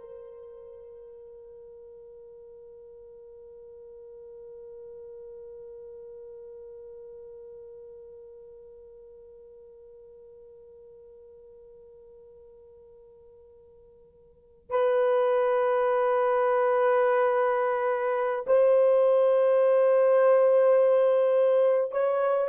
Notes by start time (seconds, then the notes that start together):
0.00 A#4
14.70 B4
18.47 C5
21.92 C#5